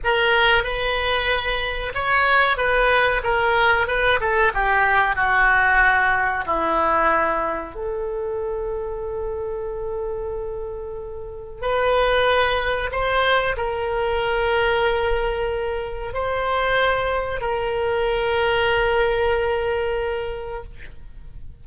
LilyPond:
\new Staff \with { instrumentName = "oboe" } { \time 4/4 \tempo 4 = 93 ais'4 b'2 cis''4 | b'4 ais'4 b'8 a'8 g'4 | fis'2 e'2 | a'1~ |
a'2 b'2 | c''4 ais'2.~ | ais'4 c''2 ais'4~ | ais'1 | }